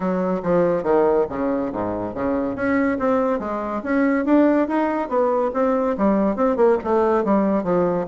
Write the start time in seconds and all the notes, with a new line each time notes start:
0.00 F#3
0.42 F3
0.83 D#3
1.29 C#3
1.72 G#2
2.14 C#3
2.55 C#4
2.98 C4
3.39 G#3
3.83 C#4
4.25 D4
4.68 D#4
5.08 B3
5.53 C4
5.97 G3
6.36 C4
6.56 A#3
6.84 A3
7.24 G3
7.63 F3